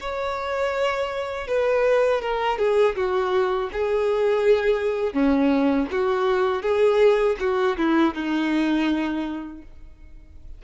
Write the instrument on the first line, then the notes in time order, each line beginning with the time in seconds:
violin
0.00 C#5
1.47 B4
2.21 A#4
2.58 G#4
2.96 F#4
3.72 G#4
5.13 C#4
5.91 F#4
6.62 G#4
7.40 F#4
7.77 E4
8.14 D#4